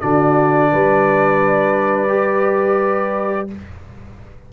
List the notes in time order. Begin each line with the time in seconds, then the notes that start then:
0.00 D3 D4 F#4 D5
0.72 G3 B4
2.08 G4